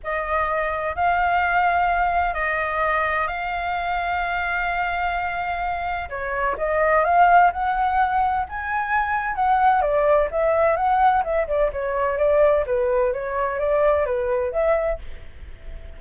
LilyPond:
\new Staff \with { instrumentName = "flute" } { \time 4/4 \tempo 4 = 128 dis''2 f''2~ | f''4 dis''2 f''4~ | f''1~ | f''4 cis''4 dis''4 f''4 |
fis''2 gis''2 | fis''4 d''4 e''4 fis''4 | e''8 d''8 cis''4 d''4 b'4 | cis''4 d''4 b'4 e''4 | }